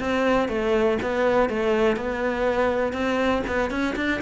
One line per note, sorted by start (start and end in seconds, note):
0.00 0.49 C4
0.49 0.98 A3
1.02 1.49 B3
1.49 1.97 A3
1.97 2.93 B3
2.93 3.43 C4
3.47 3.71 B3
3.71 3.96 C#4
3.96 4.21 D4